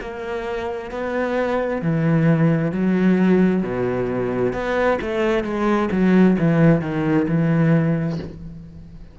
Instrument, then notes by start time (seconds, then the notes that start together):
cello
0.00 A#3
0.90 B3
1.81 E3
2.71 F#3
3.63 B2
4.53 B3
5.01 A3
5.43 G#3
5.91 F#3
6.38 E3
6.81 D#3
7.28 E3